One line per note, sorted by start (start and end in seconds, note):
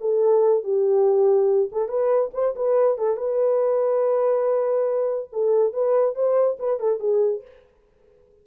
0.00 0.63 A4
0.63 1.69 G4
1.71 1.88 A4
1.88 2.31 B4
2.33 2.54 C5
2.55 2.98 B4
2.98 3.17 A4
3.17 5.29 B4
5.32 5.73 A4
5.73 6.15 B4
6.15 6.57 C5
6.59 6.79 B4
6.79 6.99 A4
6.99 7.42 G#4